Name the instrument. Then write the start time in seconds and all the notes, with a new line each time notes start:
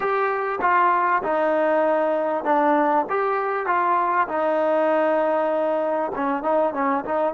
trombone
0.00 G4
0.61 F4
1.23 D#4
2.44 D4
3.09 G4
3.66 F4
4.27 D#4
6.15 C#4
6.43 D#4
6.73 C#4
7.04 D#4